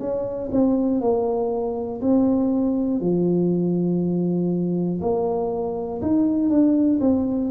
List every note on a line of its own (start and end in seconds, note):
0.00 0.50 C#4
0.52 1.01 C4
1.01 2.01 A#3
2.02 3.01 C4
3.01 5.01 F3
5.02 6.02 A#3
6.02 6.50 D#4
6.50 7.00 D4
7.01 7.51 C4